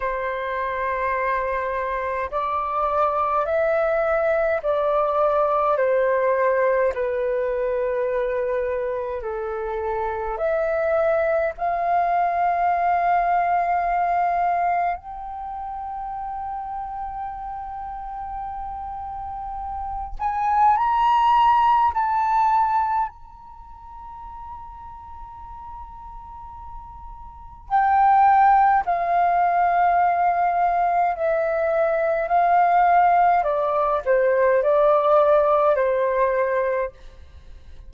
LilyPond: \new Staff \with { instrumentName = "flute" } { \time 4/4 \tempo 4 = 52 c''2 d''4 e''4 | d''4 c''4 b'2 | a'4 e''4 f''2~ | f''4 g''2.~ |
g''4. gis''8 ais''4 a''4 | ais''1 | g''4 f''2 e''4 | f''4 d''8 c''8 d''4 c''4 | }